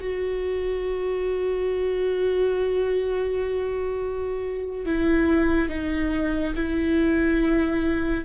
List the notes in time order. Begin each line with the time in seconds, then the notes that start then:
0.00 F#4
4.86 E4
5.69 D#4
6.56 E4